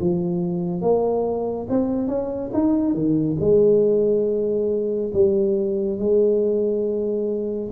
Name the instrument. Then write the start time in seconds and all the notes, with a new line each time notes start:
tuba
0.00 F3
0.81 A#3
1.69 C4
2.08 C#4
2.53 D#4
2.94 D#3
3.40 G#3
5.13 G3
5.98 G#3